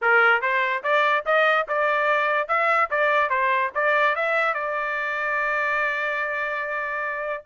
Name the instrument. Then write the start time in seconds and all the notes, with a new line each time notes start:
trumpet
0.01 A#4
0.41 C5
0.83 D5
1.25 D#5
1.68 D5
2.48 E5
2.90 D5
3.29 C5
3.74 D5
4.15 E5
4.54 D5